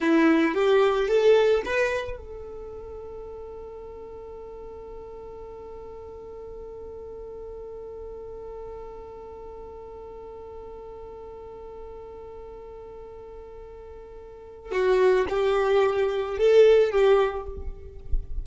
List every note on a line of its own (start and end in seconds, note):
0.00 0.54 E4
0.54 1.08 G4
1.08 1.62 A4
1.65 2.17 B4
2.17 14.71 A4
14.71 15.26 F#4
15.29 16.38 G4
16.38 16.91 A4
16.91 17.45 G4